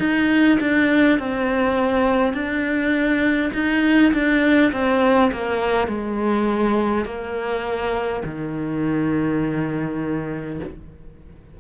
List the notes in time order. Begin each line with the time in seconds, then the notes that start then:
0.00 D#4
0.60 D4
1.19 C4
2.34 D4
3.53 D#4
4.13 D4
4.73 C4
5.33 A#3
5.88 G#3
7.05 A#3
8.25 D#3